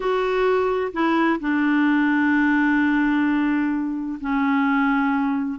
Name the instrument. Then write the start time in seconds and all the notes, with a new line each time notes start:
clarinet
0.00 F#4
0.93 E4
1.40 D4
4.21 C#4